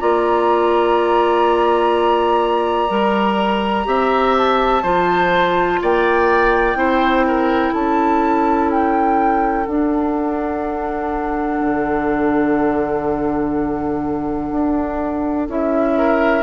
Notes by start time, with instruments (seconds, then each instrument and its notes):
0.00 bassoon A#3, clarinet F4, oboe D5, flute A#5
2.89 bassoon G3, clarinet A#4
3.85 bassoon C4, clarinet G4, oboe E5
4.38 flute A5
4.83 bassoon F3, clarinet F4, oboe C5
5.82 bassoon A#3, oboe D5, flute G5
6.75 bassoon C4, clarinet E4, oboe C5
7.28 oboe A#4
7.73 bassoon C#4, oboe A4, flute A5
8.71 flute G5
9.67 bassoon D4, clarinet D4, flute F#5
11.60 bassoon D3
14.52 bassoon D4
15.49 bassoon C#4, clarinet E4, flute E5
15.98 oboe A#4